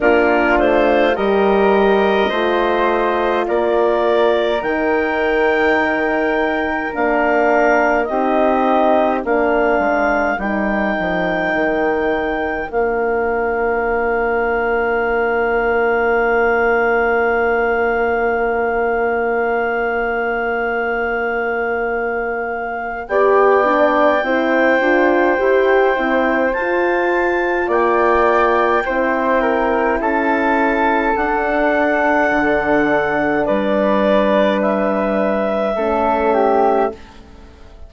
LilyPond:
<<
  \new Staff \with { instrumentName = "clarinet" } { \time 4/4 \tempo 4 = 52 ais'8 c''8 dis''2 d''4 | g''2 f''4 dis''4 | f''4 g''2 f''4~ | f''1~ |
f''1 | g''2. a''4 | g''2 a''4 fis''4~ | fis''4 d''4 e''2 | }
  \new Staff \with { instrumentName = "flute" } { \time 4/4 f'4 ais'4 c''4 ais'4~ | ais'2. g'4 | ais'1~ | ais'1~ |
ais'1 | d''4 c''2. | d''4 c''8 ais'8 a'2~ | a'4 b'2 a'8 g'8 | }
  \new Staff \with { instrumentName = "horn" } { \time 4/4 d'4 g'4 f'2 | dis'2 d'4 dis'4 | d'4 dis'2 d'4~ | d'1~ |
d'1 | g'8 d'8 e'8 f'8 g'8 e'8 f'4~ | f'4 e'2 d'4~ | d'2. cis'4 | }
  \new Staff \with { instrumentName = "bassoon" } { \time 4/4 ais8 a8 g4 a4 ais4 | dis2 ais4 c'4 | ais8 gis8 g8 f8 dis4 ais4~ | ais1~ |
ais1 | b4 c'8 d'8 e'8 c'8 f'4 | ais4 c'4 cis'4 d'4 | d4 g2 a4 | }
>>